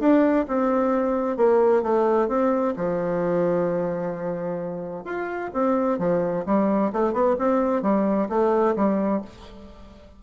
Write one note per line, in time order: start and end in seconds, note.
0.00 0.46 D4
0.48 1.37 C4
1.37 1.83 A#3
1.83 2.28 A3
2.28 2.75 C4
2.77 5.05 F3
5.05 5.51 F4
5.54 5.99 C4
5.99 6.45 F3
6.46 6.93 G3
6.93 7.13 A3
7.13 7.36 B3
7.39 7.83 C4
7.83 8.29 G3
8.29 8.75 A3
8.76 9.22 G3